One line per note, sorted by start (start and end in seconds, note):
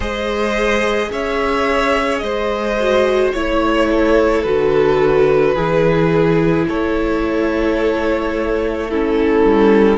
0.00 1.09 G#3
0.00 2.78 G#4
0.00 1.08 C5
0.00 1.12 D#5
1.11 2.22 C#4
1.11 2.23 C#5
1.11 2.18 E5
2.18 3.33 G#3
2.18 3.34 C5
2.18 3.29 D#5
2.79 3.35 F#4
3.32 4.44 A3
3.32 4.45 E4
3.32 4.42 C#5
3.32 3.89 C#5
3.90 5.54 A4
4.42 5.55 D3
4.42 5.56 F#4
4.42 6.65 B4
5.54 6.66 E3
5.54 8.90 E4
5.54 6.66 G#4
6.67 9.44 A3
6.67 8.88 A4
6.67 8.90 C#5
8.88 9.97 C#4
8.88 9.97 E4
8.88 9.97 A4
9.44 9.97 G3